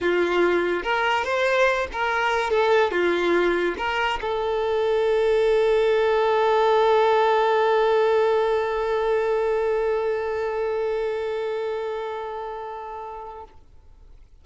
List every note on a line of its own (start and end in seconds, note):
0.01 0.83 F4
0.83 1.24 A#4
1.24 1.87 C5
1.92 2.50 A#4
2.50 2.91 A4
2.91 3.75 F4
3.77 4.19 A#4
4.21 13.44 A4